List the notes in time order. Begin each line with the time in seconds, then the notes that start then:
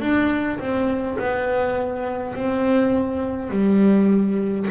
0.00 D4
0.59 C4
1.18 B3
2.35 C4
3.50 G3